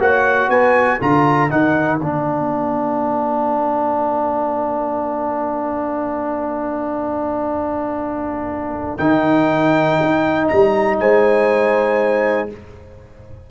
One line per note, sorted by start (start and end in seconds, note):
0.00 0.49 A#3
0.00 1.00 F#4
0.00 0.50 C#5
0.00 0.51 F#5
0.49 0.99 B3
0.49 0.99 B4
0.49 1.01 G#5
0.99 1.51 D3
0.99 1.50 F4
0.99 10.99 A#4
0.99 1.51 A#5
1.50 2.01 D#3
1.50 2.00 D#4
1.50 2.00 F#5
2.00 8.99 A#3
2.00 9.00 D4
2.00 8.98 F5
8.98 9.99 D#3
8.98 12.50 D#4
8.98 10.48 G5
10.01 10.51 D#4
10.48 11.00 G3
10.48 10.98 A#5
11.00 12.50 G#3
11.00 12.51 C5
11.00 12.50 G#5